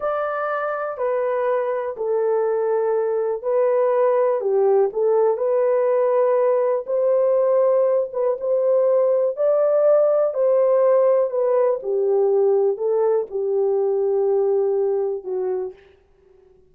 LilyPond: \new Staff \with { instrumentName = "horn" } { \time 4/4 \tempo 4 = 122 d''2 b'2 | a'2. b'4~ | b'4 g'4 a'4 b'4~ | b'2 c''2~ |
c''8 b'8 c''2 d''4~ | d''4 c''2 b'4 | g'2 a'4 g'4~ | g'2. fis'4 | }